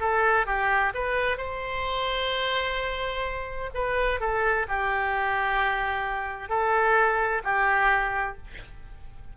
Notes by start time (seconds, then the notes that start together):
0.00 A4
0.47 G4
0.95 B4
1.38 C5
3.74 B4
4.20 A4
4.68 G4
6.49 A4
7.44 G4